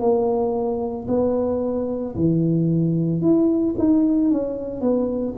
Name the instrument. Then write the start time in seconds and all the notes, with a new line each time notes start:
tuba
0.00 A#3
1.08 B3
2.16 E3
3.22 E4
3.79 D#4
4.31 C#4
4.82 B3